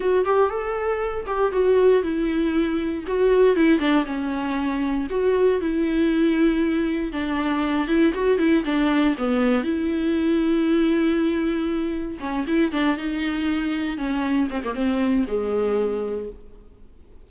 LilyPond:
\new Staff \with { instrumentName = "viola" } { \time 4/4 \tempo 4 = 118 fis'8 g'8 a'4. g'8 fis'4 | e'2 fis'4 e'8 d'8 | cis'2 fis'4 e'4~ | e'2 d'4. e'8 |
fis'8 e'8 d'4 b4 e'4~ | e'1 | cis'8 e'8 d'8 dis'2 cis'8~ | cis'8 c'16 ais16 c'4 gis2 | }